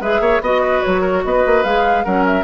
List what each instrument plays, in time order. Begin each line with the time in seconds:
0.00 bassoon G#3, clarinet G#4, oboe B4, flute E5
0.20 bassoon A#3, oboe C#5
0.41 bassoon B3, clarinet F#4, flute D#5, oboe D#5
0.62 oboe B4
0.83 bassoon F#3, flute C#5
1.02 oboe A#4
1.25 bassoon B3, oboe B4, flute D#5
1.46 bassoon A#3
1.64 bassoon G#3, clarinet G#4, flute F5
2.05 bassoon F#3, clarinet C#4, oboe A#4, flute F#5
2.26 flute E5